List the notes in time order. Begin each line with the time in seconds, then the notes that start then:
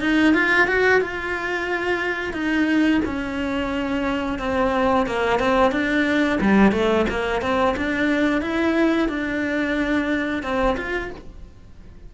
0.00 D#4
0.34 F4
0.67 F#4
1.01 F4
2.33 D#4
3.05 C#4
4.39 C4
5.06 A#3
5.39 C4
5.72 D4
6.40 G3
6.72 A3
7.09 A#3
7.41 C4
7.77 D4
8.41 E4
9.08 D4
10.42 C4
10.77 F4